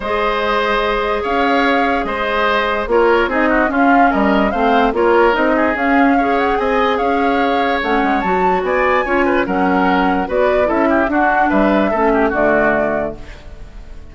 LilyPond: <<
  \new Staff \with { instrumentName = "flute" } { \time 4/4 \tempo 4 = 146 dis''2. f''4~ | f''4 dis''2 cis''4 | dis''4 f''4 dis''4 f''4 | cis''4 dis''4 f''4. fis''8 |
gis''4 f''2 fis''4 | a''4 gis''2 fis''4~ | fis''4 d''4 e''4 fis''4 | e''2 d''2 | }
  \new Staff \with { instrumentName = "oboe" } { \time 4/4 c''2. cis''4~ | cis''4 c''2 ais'4 | gis'8 fis'8 f'4 ais'4 c''4 | ais'4. gis'4. cis''4 |
dis''4 cis''2.~ | cis''4 d''4 cis''8 b'8 ais'4~ | ais'4 b'4 a'8 g'8 fis'4 | b'4 a'8 g'8 fis'2 | }
  \new Staff \with { instrumentName = "clarinet" } { \time 4/4 gis'1~ | gis'2. f'4 | dis'4 cis'2 c'4 | f'4 dis'4 cis'4 gis'4~ |
gis'2. cis'4 | fis'2 f'4 cis'4~ | cis'4 fis'4 e'4 d'4~ | d'4 cis'4 a2 | }
  \new Staff \with { instrumentName = "bassoon" } { \time 4/4 gis2. cis'4~ | cis'4 gis2 ais4 | c'4 cis'4 g4 a4 | ais4 c'4 cis'2 |
c'4 cis'2 a8 gis8 | fis4 b4 cis'4 fis4~ | fis4 b4 cis'4 d'4 | g4 a4 d2 | }
>>